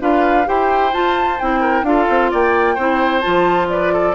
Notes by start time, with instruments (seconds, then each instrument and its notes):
0.00 bassoon D4, clarinet F4, oboe B4, flute F5
0.45 bassoon E4, clarinet G4, oboe C5, flute G5
0.93 clarinet F4, bassoon F4, flute A5
1.40 bassoon C4, clarinet E4, flute G5
1.61 oboe A#4
1.83 bassoon D4, clarinet F4, oboe A4, flute F5
2.09 bassoon C4
2.31 bassoon A#3, oboe D5, flute G5
2.75 bassoon C4, clarinet E4, oboe C5
3.21 bassoon F3, clarinet F4, flute A5
3.69 oboe B4, flute D5
3.93 oboe A4